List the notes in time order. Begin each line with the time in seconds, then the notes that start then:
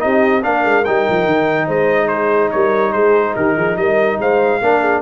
0.00 C4 D#4 G4 D#5
0.43 A#3 D4 A#4 F5
0.64 G#3
0.85 G3 D#4 G5
1.10 F3
1.26 D#3
1.66 G#3 C5 D#5
2.08 G#4 C5
2.51 G3 A#4 C#5
2.93 G#3 G#4 C5
3.36 D#3 G4 A#4
3.57 F3 G#4
3.77 G3 A#4 D#5
4.20 G#3 C5 F5
4.62 A#3 D4 A#4
4.80 G#4